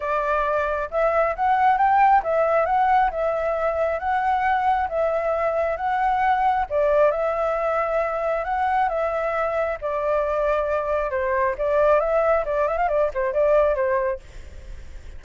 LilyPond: \new Staff \with { instrumentName = "flute" } { \time 4/4 \tempo 4 = 135 d''2 e''4 fis''4 | g''4 e''4 fis''4 e''4~ | e''4 fis''2 e''4~ | e''4 fis''2 d''4 |
e''2. fis''4 | e''2 d''2~ | d''4 c''4 d''4 e''4 | d''8 e''16 f''16 d''8 c''8 d''4 c''4 | }